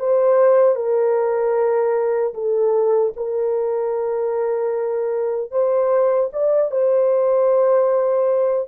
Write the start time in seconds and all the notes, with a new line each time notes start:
0.00 C5
0.76 A#4
2.34 A4
3.17 A#4
5.52 C5
6.33 D5
6.71 C5